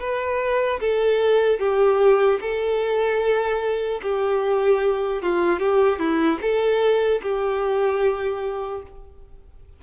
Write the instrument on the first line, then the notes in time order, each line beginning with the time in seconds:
violin
0.00 B4
0.80 A4
1.60 G4
2.41 A4
4.03 G4
5.23 F4
5.60 G4
5.99 E4
6.42 A4
7.23 G4